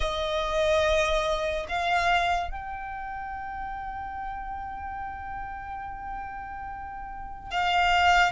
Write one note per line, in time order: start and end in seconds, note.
0.00 1.66 D#5
1.68 2.50 F5
2.50 7.50 G5
7.50 8.31 F5